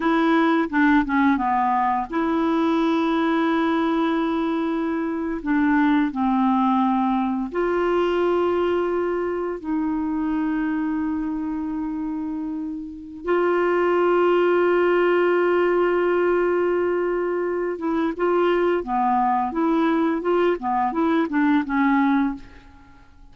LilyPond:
\new Staff \with { instrumentName = "clarinet" } { \time 4/4 \tempo 4 = 86 e'4 d'8 cis'8 b4 e'4~ | e'2.~ e'8. d'16~ | d'8. c'2 f'4~ f'16~ | f'4.~ f'16 dis'2~ dis'16~ |
dis'2. f'4~ | f'1~ | f'4. e'8 f'4 b4 | e'4 f'8 b8 e'8 d'8 cis'4 | }